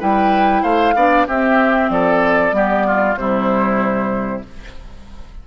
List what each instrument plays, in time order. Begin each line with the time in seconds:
0.00 bassoon G3, clarinet E4, oboe B4, flute G5
0.63 bassoon A3, oboe C5, flute F5
0.95 bassoon B3, clarinet D4, oboe D5
1.27 bassoon C4, clarinet C4, oboe G4, flute E5
1.90 bassoon F3, oboe A4, flute D5
2.52 bassoon G3, clarinet B3, oboe G4
2.87 oboe F4
3.17 bassoon C3, clarinet G3, oboe E4, flute C5